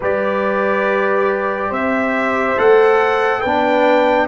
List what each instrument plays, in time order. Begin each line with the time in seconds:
0.00 tuba G3, trombone G4, horn B4, trumpet D5
1.69 tuba C4, horn C5, trumpet E5
2.57 tuba A3, trombone A4, trumpet F#5
3.41 tuba B3, trombone D4, horn B4, trumpet G5